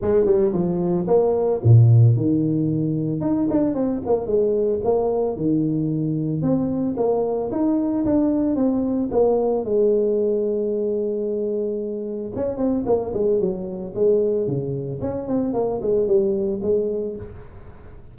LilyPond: \new Staff \with { instrumentName = "tuba" } { \time 4/4 \tempo 4 = 112 gis8 g8 f4 ais4 ais,4 | dis2 dis'8 d'8 c'8 ais8 | gis4 ais4 dis2 | c'4 ais4 dis'4 d'4 |
c'4 ais4 gis2~ | gis2. cis'8 c'8 | ais8 gis8 fis4 gis4 cis4 | cis'8 c'8 ais8 gis8 g4 gis4 | }